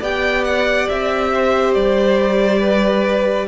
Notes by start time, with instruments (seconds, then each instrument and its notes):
0.00 cello B3, viola G4, violin D5 G5
0.45 violin F#5
0.89 cello C4, violin E5
1.35 violin C5
1.74 cello G3, violin D5
2.60 violin B4